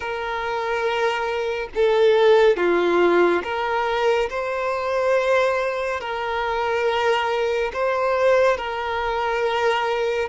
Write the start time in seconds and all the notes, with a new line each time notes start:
0.00 A#4
1.75 A4
2.56 F4
3.43 A#4
4.29 C5
6.00 A#4
7.73 C5
8.57 A#4